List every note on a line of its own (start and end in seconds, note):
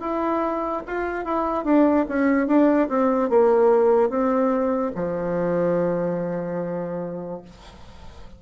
0.00 0.82 E4
0.86 1.24 F4
1.24 1.64 E4
1.64 2.05 D4
2.08 2.47 C#4
2.47 2.88 D4
2.88 3.29 C4
3.29 4.09 A#3
4.09 4.91 C4
4.95 7.41 F3